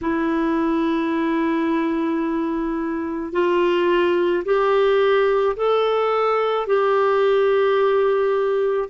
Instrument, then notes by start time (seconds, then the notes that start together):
clarinet
0.01 E4
3.32 F4
4.44 G4
5.56 A4
6.67 G4